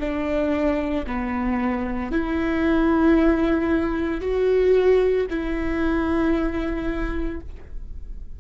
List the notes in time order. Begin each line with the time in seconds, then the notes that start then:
0.00 D4
1.07 B3
2.12 E4
4.22 F#4
5.30 E4